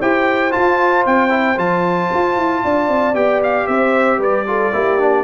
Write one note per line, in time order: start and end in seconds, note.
0.00 0.55 E4
0.00 0.51 G4
0.00 2.63 C5
0.00 0.53 G5
0.51 1.30 F4
0.51 1.06 F4
0.51 1.05 A5
1.06 1.58 C4
1.06 1.59 G5
1.30 1.56 E4
1.57 2.10 F3
1.57 3.15 F4
1.57 3.15 A5
2.14 2.36 F4
2.36 2.63 E4
2.64 2.89 D4
2.64 3.69 D5
2.89 3.14 C4
3.14 3.67 B3
3.14 4.46 G4
3.14 3.42 G5
3.44 3.67 F5
3.67 4.19 C4
3.67 4.19 C5
3.67 4.20 E5
4.19 4.72 G3
4.19 4.45 B4
4.19 5.24 D5
4.47 4.73 F4
4.47 4.74 A4
4.73 5.24 A#3
4.73 4.99 E4
4.73 5.24 G4
4.99 5.24 D4